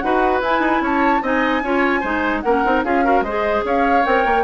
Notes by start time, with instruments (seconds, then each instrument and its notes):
0.00 bassoon D#4, clarinet F#4, oboe B4, flute F#5
0.41 bassoon E4, clarinet E4, flute G#5
0.60 bassoon D#4
0.81 bassoon C#4, oboe C#5, flute A5
1.22 bassoon C4, clarinet D#4, oboe D#5, flute G#5
1.62 bassoon C#4, clarinet F4, oboe C#5
2.01 bassoon G#3, clarinet D#4, oboe C5
2.42 bassoon A#3, clarinet C#4, oboe A#4, flute F#5
2.65 bassoon C4, clarinet D#4
2.84 bassoon C#4, clarinet F4, oboe G#4, flute F5
3.04 clarinet F#4, oboe A#4
3.22 bassoon G#3, oboe C5, flute D#5
3.28 clarinet G#4
3.65 bassoon C#4, oboe C#5, flute F5
4.04 bassoon C4, clarinet A#4, flute G5
4.26 bassoon A#3